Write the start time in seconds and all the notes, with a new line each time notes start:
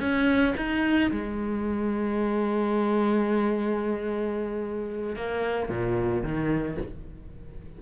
0.00 C#4
0.57 D#4
1.11 G#3
5.16 A#3
5.69 A#2
6.23 D#3